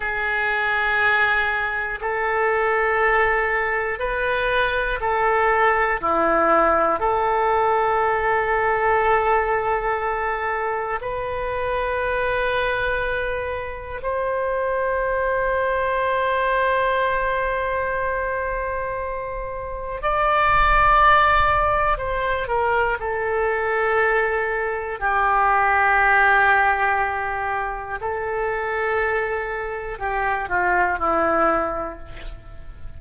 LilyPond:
\new Staff \with { instrumentName = "oboe" } { \time 4/4 \tempo 4 = 60 gis'2 a'2 | b'4 a'4 e'4 a'4~ | a'2. b'4~ | b'2 c''2~ |
c''1 | d''2 c''8 ais'8 a'4~ | a'4 g'2. | a'2 g'8 f'8 e'4 | }